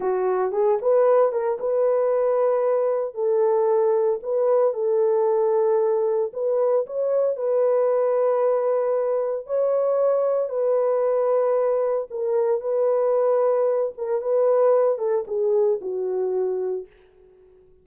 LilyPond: \new Staff \with { instrumentName = "horn" } { \time 4/4 \tempo 4 = 114 fis'4 gis'8 b'4 ais'8 b'4~ | b'2 a'2 | b'4 a'2. | b'4 cis''4 b'2~ |
b'2 cis''2 | b'2. ais'4 | b'2~ b'8 ais'8 b'4~ | b'8 a'8 gis'4 fis'2 | }